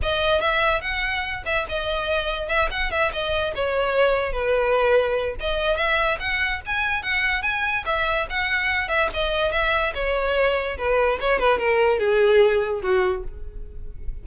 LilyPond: \new Staff \with { instrumentName = "violin" } { \time 4/4 \tempo 4 = 145 dis''4 e''4 fis''4. e''8 | dis''2 e''8 fis''8 e''8 dis''8~ | dis''8 cis''2 b'4.~ | b'4 dis''4 e''4 fis''4 |
gis''4 fis''4 gis''4 e''4 | fis''4. e''8 dis''4 e''4 | cis''2 b'4 cis''8 b'8 | ais'4 gis'2 fis'4 | }